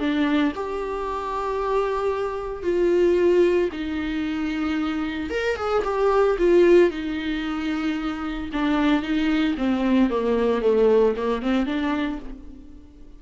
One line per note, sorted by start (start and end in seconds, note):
0.00 0.53 D4
0.56 2.64 G4
2.64 3.70 F4
3.72 5.30 D#4
5.30 5.57 A#4
5.57 5.83 G#4
5.85 6.38 G4
6.39 6.91 F4
6.91 8.50 D#4
8.53 9.03 D4
9.03 9.56 D#4
9.58 10.11 C4
10.11 10.62 A#3
10.62 11.15 A3
11.17 11.42 A#3
11.42 11.66 C4
11.66 12.19 D4